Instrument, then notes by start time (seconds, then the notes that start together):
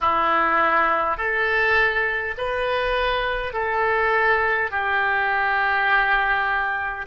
oboe
0.01 E4
1.17 A4
2.37 B4
3.53 A4
4.71 G4